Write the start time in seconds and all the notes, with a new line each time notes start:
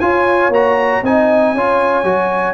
0.00 F4 C#5 G#5
0.49 A#3 F#4 A#5
1.03 C4 D#4 D#5 G#5
1.54 C#4 F4 C#5
2.04 F#3 F#4